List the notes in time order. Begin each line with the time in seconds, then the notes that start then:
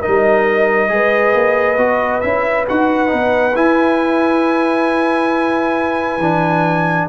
0.00 D#4 A#4 D#5
0.07 G3
0.88 G#3 G#4 B4
1.34 A#3
1.77 B3 F#4
2.21 C#4 E4 E5
2.68 D#4 F#4 F#5
3.07 B3 D#4
3.55 E4 G#5
6.18 E3 D4